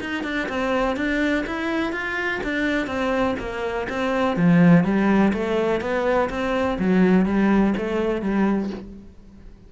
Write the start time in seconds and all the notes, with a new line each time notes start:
0.00 D#4
0.23 D4
0.49 C4
0.96 D4
1.46 E4
1.92 F4
2.43 D4
2.87 C4
3.39 A#3
3.89 C4
4.36 F3
4.84 G3
5.33 A3
5.80 B3
6.29 C4
6.78 F#3
7.25 G3
7.77 A3
8.21 G3